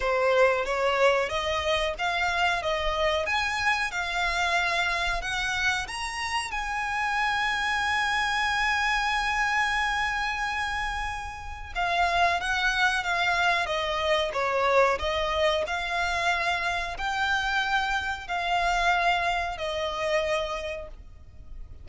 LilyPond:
\new Staff \with { instrumentName = "violin" } { \time 4/4 \tempo 4 = 92 c''4 cis''4 dis''4 f''4 | dis''4 gis''4 f''2 | fis''4 ais''4 gis''2~ | gis''1~ |
gis''2 f''4 fis''4 | f''4 dis''4 cis''4 dis''4 | f''2 g''2 | f''2 dis''2 | }